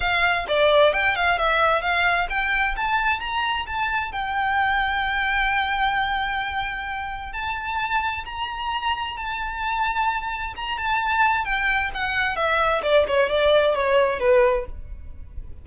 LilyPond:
\new Staff \with { instrumentName = "violin" } { \time 4/4 \tempo 4 = 131 f''4 d''4 g''8 f''8 e''4 | f''4 g''4 a''4 ais''4 | a''4 g''2.~ | g''1 |
a''2 ais''2 | a''2. ais''8 a''8~ | a''4 g''4 fis''4 e''4 | d''8 cis''8 d''4 cis''4 b'4 | }